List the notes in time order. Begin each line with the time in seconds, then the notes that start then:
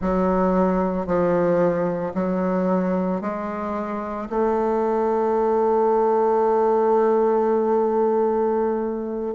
0.01 F#3
1.06 F3
2.14 F#3
3.21 G#3
4.29 A3